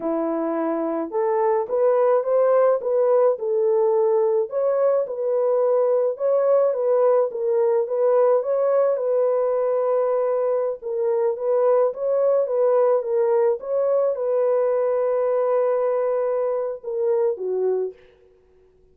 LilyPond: \new Staff \with { instrumentName = "horn" } { \time 4/4 \tempo 4 = 107 e'2 a'4 b'4 | c''4 b'4 a'2 | cis''4 b'2 cis''4 | b'4 ais'4 b'4 cis''4 |
b'2.~ b'16 ais'8.~ | ais'16 b'4 cis''4 b'4 ais'8.~ | ais'16 cis''4 b'2~ b'8.~ | b'2 ais'4 fis'4 | }